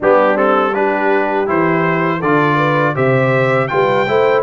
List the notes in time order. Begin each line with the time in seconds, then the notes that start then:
0.00 G3 B3 D4 G4
0.35 C4 A4
0.74 D4 G4 B4
1.46 E3 E4 C5
2.19 D3 F4 A4 D5
2.55 B4
2.94 C3 G4 C5 E5
3.67 G3 F4 B4 G5
4.07 A3 E4 C5